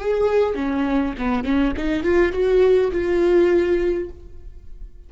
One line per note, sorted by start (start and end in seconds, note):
0.00 0.55 G#4
0.55 1.14 C#4
1.18 1.44 B3
1.44 1.74 C#4
1.77 2.03 D#4
2.03 2.33 F4
2.33 2.92 F#4
2.92 4.10 F4